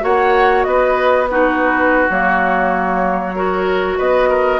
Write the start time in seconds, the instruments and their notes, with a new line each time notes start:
0.00 bassoon A#3, clarinet F#4, oboe C#5, flute F#5
0.63 bassoon B3, oboe B4, flute D#5
1.29 clarinet D#4, oboe F#4, flute B4
2.09 bassoon F#3, clarinet A#3, flute C#5
3.35 clarinet F#4, oboe A#4
3.97 bassoon B3, oboe B4, flute D#5
4.29 oboe A#4